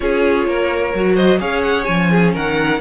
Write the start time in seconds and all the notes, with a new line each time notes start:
0.00 C#4 F4 G#4 C#5
0.46 A#3 A#4
0.94 F#3 F#4
1.15 C5 D#5
1.39 C#4 G#4 C#5 F5
1.62 F#5
1.84 F3 C#4 G#5
2.10 G#4
2.33 D#3 A#4 F#5